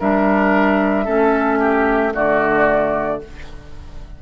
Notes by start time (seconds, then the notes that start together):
0.00 G3 D4 A#4 E5
1.05 A3 C#4 A4
1.60 G4
2.13 D3 A3 F#4 D5